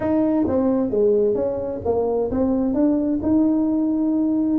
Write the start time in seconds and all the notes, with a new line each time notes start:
0.00 D#4
0.47 C4
0.90 G#3
1.34 C#4
1.84 A#3
2.31 C4
2.74 D4
3.22 D#4